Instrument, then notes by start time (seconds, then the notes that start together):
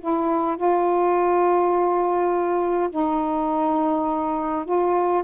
saxophone
0.00 E4
0.56 F4
2.90 D#4
4.65 F4